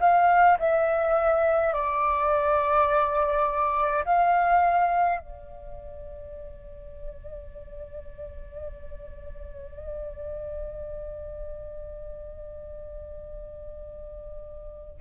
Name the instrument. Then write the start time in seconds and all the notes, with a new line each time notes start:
flute
0.00 F5
0.59 E5
1.74 D5
4.05 F5
5.19 D5